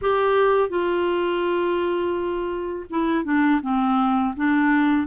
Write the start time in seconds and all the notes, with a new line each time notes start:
0.01 G4
0.69 F4
2.89 E4
3.24 D4
3.61 C4
4.36 D4